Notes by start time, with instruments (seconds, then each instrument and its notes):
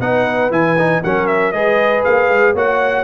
0.00 tuba B3, trombone D#4, horn B4, trumpet F#5
0.51 tuba E3, trombone E4, trumpet G#5
0.78 trombone D#4
1.03 tuba F#3, trombone C#4, horn A#4, trumpet F#5
1.27 trumpet E5
1.52 tuba G#3, trombone G#4, horn B4, trumpet D#5
2.05 tuba A#3, trumpet F5
2.29 tuba G#3
2.54 tuba A#3, trombone F#4, horn C#5, trumpet F#5